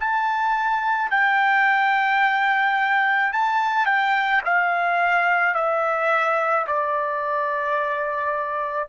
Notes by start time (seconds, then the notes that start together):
0.00 A5
1.11 G5
3.33 A5
3.86 G5
4.45 F5
5.55 E5
6.67 D5